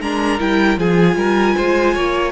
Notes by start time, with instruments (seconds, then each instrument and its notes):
0.00 cello G#3, viola D4, violin A#4 A#5
0.39 cello G3, viola E4, violin G5
0.77 cello F3, viola F4, violin G#4 G#5
1.16 cello G3, violin A#4
1.56 cello G#3, violin C5
1.94 cello A#3, violin C#5